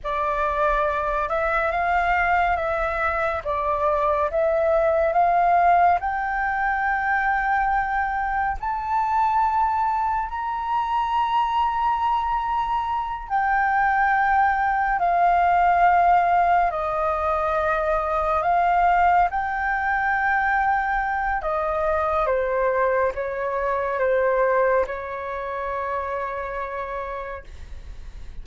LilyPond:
\new Staff \with { instrumentName = "flute" } { \time 4/4 \tempo 4 = 70 d''4. e''8 f''4 e''4 | d''4 e''4 f''4 g''4~ | g''2 a''2 | ais''2.~ ais''8 g''8~ |
g''4. f''2 dis''8~ | dis''4. f''4 g''4.~ | g''4 dis''4 c''4 cis''4 | c''4 cis''2. | }